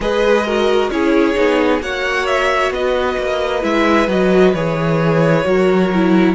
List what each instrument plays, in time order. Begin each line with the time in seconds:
0.00 cello G#3, viola G#4, violin B4 D#5
0.45 viola F#4, violin A#4
0.89 cello C#4, viola E4, violin G#4 C#5
1.34 cello B3, viola D#4
1.80 cello A#3, viola F#4, violin C#5 F#5
2.26 violin E5
2.70 cello B3, violin B4 D#5
3.17 cello A#3
3.61 cello G#3, viola E4, violin E5
4.07 cello F#3, viola F#4, violin D#5
4.54 cello E3, viola G#4, violin C#5
5.45 cello F#3, viola F#4, violin A#4
5.94 viola E4